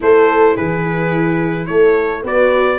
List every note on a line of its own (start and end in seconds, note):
0.00 0.57 A3
0.00 2.23 E4
0.00 0.55 A4
0.00 0.56 C5
0.55 1.68 E3
0.55 1.68 G#4
0.55 1.66 B4
1.66 2.23 A3
1.66 2.23 A4
1.66 2.22 C#5
2.23 2.79 B3
2.23 2.79 F#4
2.23 2.79 B4
2.23 2.79 D5